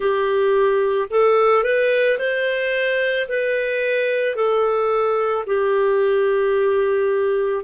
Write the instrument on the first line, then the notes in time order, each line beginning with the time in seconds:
clarinet
0.00 G4
1.10 A4
1.63 B4
2.18 C5
3.28 B4
4.35 A4
5.46 G4